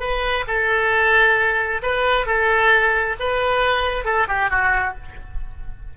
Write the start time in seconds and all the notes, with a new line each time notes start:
0.00 B4
0.47 A4
1.82 B4
2.26 A4
3.19 B4
4.05 A4
4.28 G4
4.50 F#4